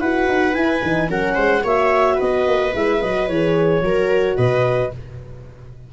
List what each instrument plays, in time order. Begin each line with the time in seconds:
0.00 tuba E4, horn F#4, viola B4, clarinet F#5
0.28 tuba D#4
0.53 tuba E4, horn E4, clarinet G#5
0.83 tuba E3, horn D#4
1.08 tuba F#3, horn C#4, viola A#4, clarinet F#5
1.35 tuba G#3, viola C5
1.64 tuba A#3, horn F#4, viola C#5, clarinet E5
2.15 viola B4, clarinet D#5
2.21 tuba B3
2.46 tuba A#3
2.73 tuba G#3, horn E4, clarinet E5
3.02 tuba F#3, horn F#4, clarinet D#5
3.28 tuba E3, horn G#4, clarinet C#5
3.82 tuba F#3, horn F#4, viola A#4
4.37 tuba B2, viola B4, clarinet D#5